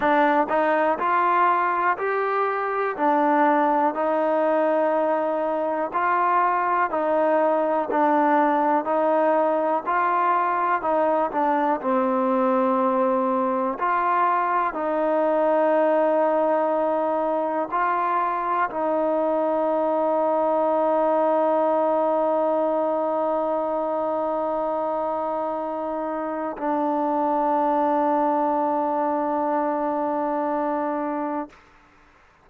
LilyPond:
\new Staff \with { instrumentName = "trombone" } { \time 4/4 \tempo 4 = 61 d'8 dis'8 f'4 g'4 d'4 | dis'2 f'4 dis'4 | d'4 dis'4 f'4 dis'8 d'8 | c'2 f'4 dis'4~ |
dis'2 f'4 dis'4~ | dis'1~ | dis'2. d'4~ | d'1 | }